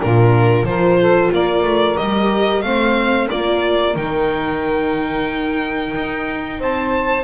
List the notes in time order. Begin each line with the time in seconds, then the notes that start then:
0.00 A#2 D4 F4 A#4
0.64 F3 F4 A#4 C5
1.00 A4
1.33 A#3 A#4 D5
1.63 A3
1.97 G3 G4 D#5
2.62 A3 C4 C5 F5
3.30 A#3 F4 A#4 D5
3.96 D#3 D#4 G5
5.95 D#4
6.60 C4 C5 A5